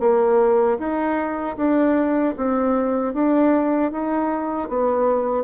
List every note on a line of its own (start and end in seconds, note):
0.00 0.78 A#3
0.79 1.57 D#4
1.57 2.35 D4
2.37 3.14 C4
3.14 3.92 D4
3.92 4.69 D#4
4.69 5.44 B3